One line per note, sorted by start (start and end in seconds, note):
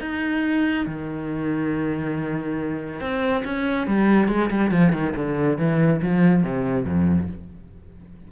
0.00 0.86 D#4
0.86 3.00 D#3
3.00 3.43 C4
3.44 3.87 C#4
3.87 4.28 G3
4.28 4.49 G#3
4.50 4.71 G3
4.71 4.92 F3
4.92 5.14 D#3
5.16 5.58 D3
5.58 6.01 E3
6.02 6.43 F3
6.43 6.85 C3
6.85 7.28 F2